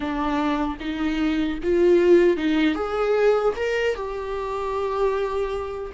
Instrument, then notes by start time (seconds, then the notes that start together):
viola
0.00 D4
0.79 D#4
1.63 F4
2.36 D#4
2.74 G#4
3.56 A#4
3.95 G4